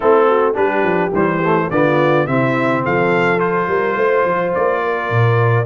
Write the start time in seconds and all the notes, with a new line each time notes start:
0.00 A3 C4 E4 A4
0.28 F#4
0.53 G3 D4 G4 B4
0.83 F3
1.12 E3 G3 C5
1.43 A3
1.70 D3 B3 F4 D5
2.27 C3 C4 E4 E5
2.84 F3 A4 F5
3.38 F4 C5
3.67 G3 A#4
3.95 A3 C5
4.25 F3
4.54 A#3 D5
4.83 A#4
5.09 A#2